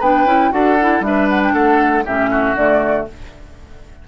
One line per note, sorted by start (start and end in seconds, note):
0.00 0.25 B3
0.00 0.27 D4
0.00 0.51 B4
0.00 0.52 G5
0.25 0.50 C#4
0.25 0.51 E4
0.51 1.00 D4
0.51 0.77 F#4
0.51 1.05 A4
0.51 1.03 F#5
0.81 1.02 E4
1.00 1.51 G3
1.00 2.04 D4
1.00 1.28 E5
1.07 1.53 B4
1.29 1.42 F#5
1.43 1.54 G5
1.53 2.05 A3
1.53 2.04 A4
1.53 2.05 F#5
2.05 2.55 A2
2.05 2.57 C#4
2.05 2.30 G4
2.05 2.57 E5
2.31 3.07 F#4
2.55 3.06 D3
2.55 3.08 A3
2.55 3.07 D5